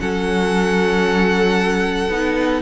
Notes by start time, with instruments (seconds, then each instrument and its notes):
0.00 cello F#3, viola C#4, violin A4 F#5
2.09 cello B3, viola D#4